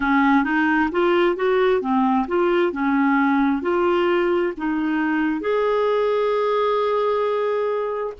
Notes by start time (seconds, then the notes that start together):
0.00 C#4
0.44 D#4
0.91 F4
1.36 F#4
1.81 C4
2.27 F4
2.72 C#4
3.62 F4
4.57 D#4
5.40 G#4